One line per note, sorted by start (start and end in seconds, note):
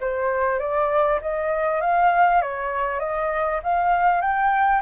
0.00 0.59 C5
0.59 1.20 D5
1.21 1.81 D#5
1.81 2.41 F5
2.41 3.00 C#5
3.00 3.60 D#5
3.63 4.21 F5
4.21 4.82 G5